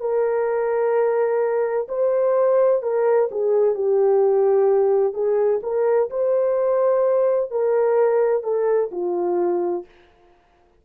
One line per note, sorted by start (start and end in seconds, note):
0.00 1.87 A#4
1.88 2.82 C5
2.83 3.29 A#4
3.31 3.75 G#4
3.75 5.13 G4
5.13 5.60 G#4
5.62 6.09 A#4
6.10 7.51 C5
7.51 8.43 A#4
8.43 8.90 A4
8.91 9.85 F4